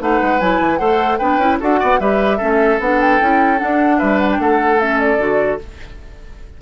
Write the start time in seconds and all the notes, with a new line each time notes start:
0.00 A3 D#4 B4 F#5
0.22 G#3
0.40 F#3 E4 G#5
0.61 E3
0.78 A3 A4 C5 F#5
1.18 B3 D4 B4 G5
1.38 C#4 E4
1.60 D4 F#4 A4 F#5
1.80 B3 D5
2.00 G3 G4 B4 E5
2.37 A3 C#4 A4
2.80 B3 D4 F#5
3.01 G5
3.21 C#4 E4
3.58 D4 F#5
3.98 G3 B4 E5
4.19 F#5
4.32 G5
4.39 A3 A4 F#5
4.80 C#4 E5
5.00 D5
5.19 D3 F#4